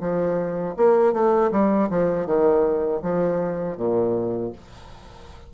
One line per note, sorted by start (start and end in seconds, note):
0.00 0.75 F3
0.76 1.13 A#3
1.13 1.51 A3
1.51 1.89 G3
1.90 2.26 F3
2.26 3.01 D#3
3.02 3.77 F3
3.77 4.52 A#2